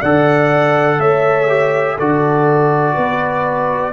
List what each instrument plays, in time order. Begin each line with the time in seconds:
0.00 tuba D3, trombone A4, horn D5, trumpet F#5
0.99 tuba A3, horn C#5, trumpet E5
1.48 trombone G4
1.96 tuba D3, trombone F#4, horn A4, trumpet D5
2.94 tuba B3, horn B4